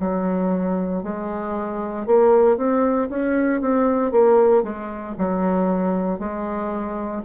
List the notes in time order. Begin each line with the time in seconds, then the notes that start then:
0.00 F#3
1.03 G#3
2.07 A#3
2.57 C4
3.10 C#4
3.62 C4
4.12 A#3
4.64 G#3
5.19 F#3
6.19 G#3